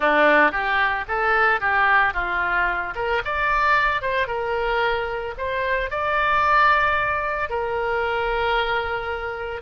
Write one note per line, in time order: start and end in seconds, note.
0.00 0.51 D4
0.51 1.04 G4
1.08 1.60 A4
1.60 2.13 G4
2.13 2.93 F4
2.95 3.22 A#4
3.24 4.01 D5
4.01 4.27 C5
4.27 5.34 A#4
5.37 5.90 C5
5.90 7.49 D5
7.49 9.61 A#4